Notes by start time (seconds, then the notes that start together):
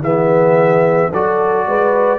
0.00 E3 B3 G#4 E5
1.12 F#3 F#4 A4 D5
1.66 G#3 B4